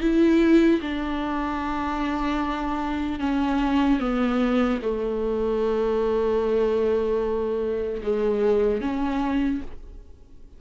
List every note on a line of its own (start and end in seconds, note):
0.00 0.80 E4
0.81 3.19 D4
3.19 3.99 C#4
3.99 4.79 B3
4.81 8.01 A3
8.03 8.81 G#3
8.81 9.61 C#4